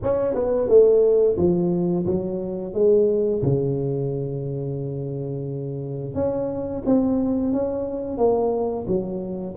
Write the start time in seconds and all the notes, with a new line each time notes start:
0.02 C#4
0.34 B3
0.68 A3
1.37 F3
2.05 F#3
2.73 G#3
3.42 C#3
6.14 C#4
6.85 C4
7.52 C#4
8.17 A#3
8.87 F#3